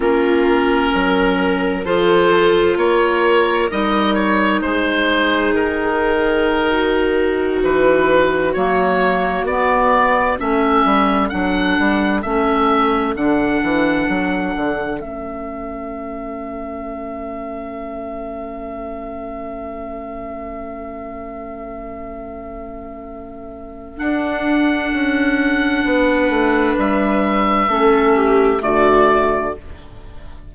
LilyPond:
<<
  \new Staff \with { instrumentName = "oboe" } { \time 4/4 \tempo 4 = 65 ais'2 c''4 cis''4 | dis''8 cis''8 c''4 ais'2~ | ais'16 b'4 cis''4 d''4 e''8.~ | e''16 fis''4 e''4 fis''4.~ fis''16~ |
fis''16 e''2.~ e''8.~ | e''1~ | e''2 fis''2~ | fis''4 e''2 d''4 | }
  \new Staff \with { instrumentName = "viola" } { \time 4/4 f'4 ais'4 a'4 ais'4~ | ais'4 gis'2~ gis'16 fis'8.~ | fis'2.~ fis'16 a'8.~ | a'1~ |
a'1~ | a'1~ | a'1 | b'2 a'8 g'8 fis'4 | }
  \new Staff \with { instrumentName = "clarinet" } { \time 4/4 cis'2 f'2 | dis'1~ | dis'4~ dis'16 ais4 b4 cis'8.~ | cis'16 d'4 cis'4 d'4.~ d'16~ |
d'16 cis'2.~ cis'8.~ | cis'1~ | cis'2 d'2~ | d'2 cis'4 a4 | }
  \new Staff \with { instrumentName = "bassoon" } { \time 4/4 ais4 fis4 f4 ais4 | g4 gis4 dis2~ | dis16 e4 fis4 b4 a8 g16~ | g16 fis8 g8 a4 d8 e8 fis8 d16~ |
d16 a2.~ a8.~ | a1~ | a2 d'4 cis'4 | b8 a8 g4 a4 d4 | }
>>